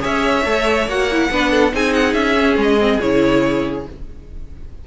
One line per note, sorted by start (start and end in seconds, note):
0.00 0.45 C#4
0.00 0.43 G#4
0.00 1.29 C#5
0.00 0.89 E5
0.45 0.87 A3
0.45 0.87 A4
0.87 1.30 A#3
0.87 1.10 F#4
0.87 1.74 F#5
1.12 1.32 E4
1.31 1.73 B3
1.31 1.72 D4
1.31 1.51 B4
1.51 1.72 A4
1.72 2.14 C4
1.72 2.36 D#4
1.72 3.87 G#4
1.72 1.94 G#5
1.94 2.14 F#5
2.14 2.57 C#4
2.14 2.57 E5
2.37 2.79 C#4
2.57 2.99 G#3
2.57 3.01 D#5
2.80 3.01 C4
3.01 3.87 C#3
3.01 3.87 E4
3.01 3.86 C#5